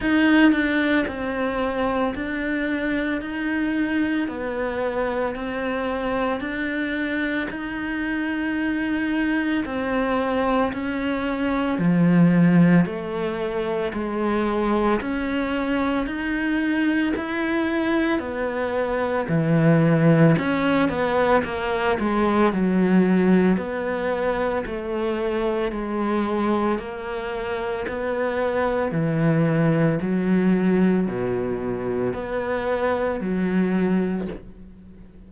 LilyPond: \new Staff \with { instrumentName = "cello" } { \time 4/4 \tempo 4 = 56 dis'8 d'8 c'4 d'4 dis'4 | b4 c'4 d'4 dis'4~ | dis'4 c'4 cis'4 f4 | a4 gis4 cis'4 dis'4 |
e'4 b4 e4 cis'8 b8 | ais8 gis8 fis4 b4 a4 | gis4 ais4 b4 e4 | fis4 b,4 b4 fis4 | }